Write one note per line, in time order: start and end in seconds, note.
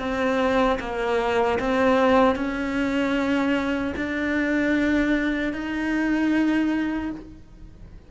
0.00 0.79 C4
0.80 1.59 A#3
1.60 2.36 C4
2.36 3.94 C#4
3.97 5.54 D4
5.54 7.12 D#4